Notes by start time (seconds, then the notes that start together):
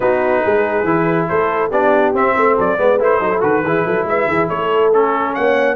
0.00 B3 D#4 F#4 B4
0.43 G#3 G#4
0.83 E3 E4
1.28 A3 A4 C5
1.70 B3 D4 G4 D5
2.13 C4 E5
2.36 A3 C5
2.56 F#3 A4 D5
2.77 G#3 B3 B4
2.99 A3 E4 C5
3.20 F#3 D#4 A4
3.31 E4
3.41 D#3 F#4 B4
3.63 E3 E4 G#4
3.85 F#3 A4
4.04 G#3 B4 E5
4.27 E3 G#4
4.47 A3 A4 C#5
4.93 C#4 A4
5.34 A#3 C#5 F#5